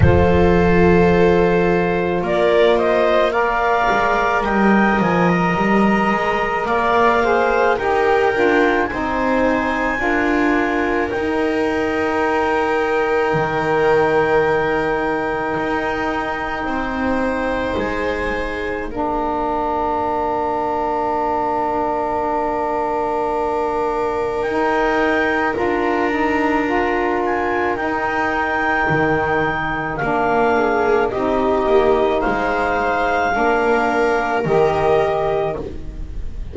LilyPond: <<
  \new Staff \with { instrumentName = "clarinet" } { \time 4/4 \tempo 4 = 54 c''2 d''8 dis''8 f''4 | g''8 gis''16 ais''4~ ais''16 f''4 g''4 | gis''2 g''2~ | g''1 |
gis''4 f''2.~ | f''2 g''4 ais''4~ | ais''8 gis''8 g''2 f''4 | dis''4 f''2 dis''4 | }
  \new Staff \with { instrumentName = "viola" } { \time 4/4 a'2 ais'8 c''8 d''4 | dis''2 d''8 c''8 ais'4 | c''4 ais'2.~ | ais'2. c''4~ |
c''4 ais'2.~ | ais'1~ | ais'2.~ ais'8 gis'8 | g'4 c''4 ais'2 | }
  \new Staff \with { instrumentName = "saxophone" } { \time 4/4 f'2. ais'4~ | ais'2~ ais'8 gis'8 g'8 f'8 | dis'4 f'4 dis'2~ | dis'1~ |
dis'4 d'2.~ | d'2 dis'4 f'8 dis'8 | f'4 dis'2 d'4 | dis'2 d'4 g'4 | }
  \new Staff \with { instrumentName = "double bass" } { \time 4/4 f2 ais4. gis8 | g8 f8 g8 gis8 ais4 dis'8 d'8 | c'4 d'4 dis'2 | dis2 dis'4 c'4 |
gis4 ais2.~ | ais2 dis'4 d'4~ | d'4 dis'4 dis4 ais4 | c'8 ais8 gis4 ais4 dis4 | }
>>